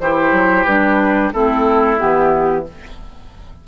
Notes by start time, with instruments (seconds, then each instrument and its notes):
0.00 bassoon E3, clarinet E4, oboe G4, flute C5
0.31 bassoon F#3
0.64 bassoon G3, clarinet D4, flute B4
1.33 bassoon A3, clarinet C4, oboe E4, flute A4
1.97 bassoon E3, clarinet B3, flute G4